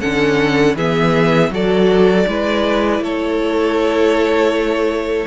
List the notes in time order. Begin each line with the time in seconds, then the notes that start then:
0.00 D3 C#4 A4 F#5
0.75 E3 B3 G#4 E5
1.49 F#3 F#4 A4 D5
2.27 G#3 E4 B4
3.00 A3 A4 C#5